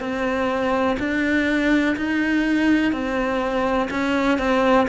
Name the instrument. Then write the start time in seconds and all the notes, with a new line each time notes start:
cello
0.00 C4
0.99 D4
1.96 D#4
2.92 C4
3.90 C#4
4.39 C4